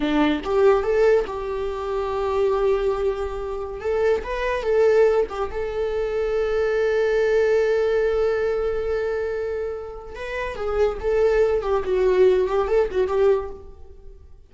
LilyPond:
\new Staff \with { instrumentName = "viola" } { \time 4/4 \tempo 4 = 142 d'4 g'4 a'4 g'4~ | g'1~ | g'4 a'4 b'4 a'4~ | a'8 g'8 a'2.~ |
a'1~ | a'1 | b'4 gis'4 a'4. g'8 | fis'4. g'8 a'8 fis'8 g'4 | }